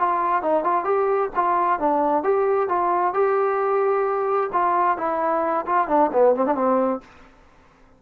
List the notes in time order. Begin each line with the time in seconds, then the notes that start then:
0.00 F4
0.43 D#4
0.64 F4
0.85 G4
1.36 F4
1.80 D4
2.24 G4
2.69 F4
3.14 G4
4.53 F4
4.98 E4
5.67 F4
5.88 D4
6.13 B3
6.36 C4
6.47 D4
6.56 C4